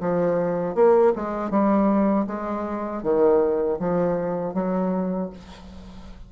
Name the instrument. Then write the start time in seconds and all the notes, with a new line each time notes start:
bassoon
0.00 F3
0.75 A#3
1.16 G#3
1.51 G3
2.27 G#3
3.03 D#3
3.79 F3
4.54 F#3